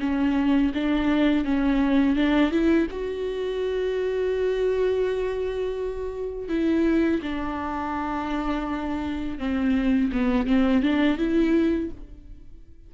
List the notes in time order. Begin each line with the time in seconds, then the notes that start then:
0.00 C#4
0.74 D4
1.45 C#4
2.16 D4
2.51 E4
2.91 F#4
6.49 E4
7.23 D4
9.39 C4
10.12 B3
10.47 C4
10.83 D4
11.18 E4